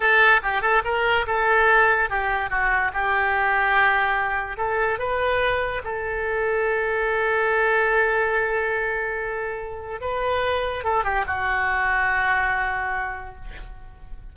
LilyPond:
\new Staff \with { instrumentName = "oboe" } { \time 4/4 \tempo 4 = 144 a'4 g'8 a'8 ais'4 a'4~ | a'4 g'4 fis'4 g'4~ | g'2. a'4 | b'2 a'2~ |
a'1~ | a'1 | b'2 a'8 g'8 fis'4~ | fis'1 | }